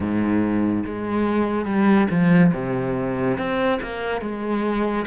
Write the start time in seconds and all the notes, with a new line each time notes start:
0.00 G#2
0.85 G#3
1.65 G3
2.10 F3
2.54 C3
3.38 C4
3.81 A#3
4.21 G#3